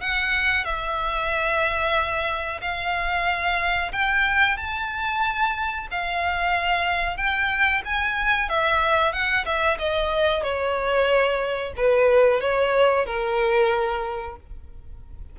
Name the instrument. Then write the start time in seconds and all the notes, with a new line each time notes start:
violin
0.00 F#5
0.64 E5
2.61 F5
3.92 G5
4.57 A5
5.91 F5
7.17 G5
7.84 G#5
8.49 E5
9.12 F#5
9.45 E5
9.78 D#5
10.43 C#5
11.76 B4
12.40 C#5
13.06 A#4